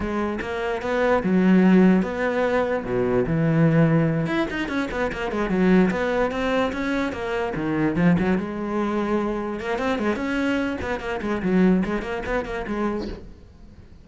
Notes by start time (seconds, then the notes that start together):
0.00 G#3
0.41 A#3
0.82 B3
1.23 F#3
2.02 B3
2.84 B2
3.26 E3
4.26 E4
4.50 D#4
4.68 C#4
4.91 B3
5.12 A#3
5.31 G#3
5.49 F#3
5.90 B3
6.31 C4
6.72 C#4
7.12 A#3
7.55 D#3
7.95 F3
8.19 F#3
8.38 G#3
9.60 A#3
9.78 C4
9.98 G#3
10.16 C#4
10.81 B3
11.00 A#3
11.21 G#3
11.42 F#3
11.85 G#3
12.02 A#3
12.26 B3
12.45 A#3
12.67 G#3